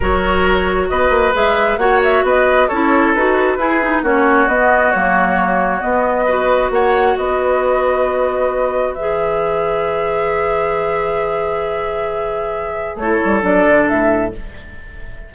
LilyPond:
<<
  \new Staff \with { instrumentName = "flute" } { \time 4/4 \tempo 4 = 134 cis''2 dis''4 e''4 | fis''8 e''8 dis''4 cis''4 b'4~ | b'4 cis''4 dis''4 cis''4~ | cis''4 dis''2 fis''4 |
dis''1 | e''1~ | e''1~ | e''4 cis''4 d''4 e''4 | }
  \new Staff \with { instrumentName = "oboe" } { \time 4/4 ais'2 b'2 | cis''4 b'4 a'2 | gis'4 fis'2.~ | fis'2 b'4 cis''4 |
b'1~ | b'1~ | b'1~ | b'4 a'2. | }
  \new Staff \with { instrumentName = "clarinet" } { \time 4/4 fis'2. gis'4 | fis'2 e'4 fis'4 | e'8 dis'8 cis'4 b4 ais4~ | ais4 b4 fis'2~ |
fis'1 | gis'1~ | gis'1~ | gis'4 e'4 d'2 | }
  \new Staff \with { instrumentName = "bassoon" } { \time 4/4 fis2 b8 ais8 gis4 | ais4 b4 cis'4 dis'4 | e'4 ais4 b4 fis4~ | fis4 b2 ais4 |
b1 | e1~ | e1~ | e4 a8 g8 fis8 d8 a,4 | }
>>